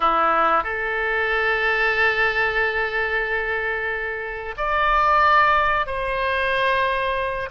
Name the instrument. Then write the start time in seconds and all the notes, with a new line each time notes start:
oboe
0.00 E4
0.63 A4
4.57 D5
5.86 C5